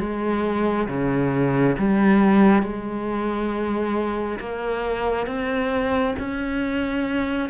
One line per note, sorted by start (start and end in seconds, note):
0.00 0.88 G#3
0.89 1.77 C#3
1.78 2.63 G3
2.63 4.40 G#3
4.40 5.27 A#3
5.27 6.15 C4
6.20 7.50 C#4